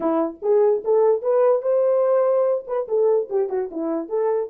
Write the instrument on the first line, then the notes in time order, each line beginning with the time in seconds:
horn
0.00 E4
0.42 G#4
0.84 A4
1.22 B4
1.62 C5
2.67 B4
2.87 A4
3.29 G4
3.49 F#4
3.71 E4
4.09 A4